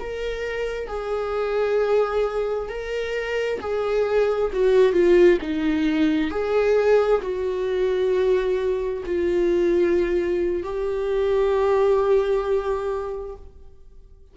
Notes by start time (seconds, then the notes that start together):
0.00 A#4
0.88 G#4
2.69 A#4
3.60 G#4
4.53 F#4
4.93 F4
5.41 D#4
6.31 G#4
7.22 F#4
9.06 F4
10.64 G4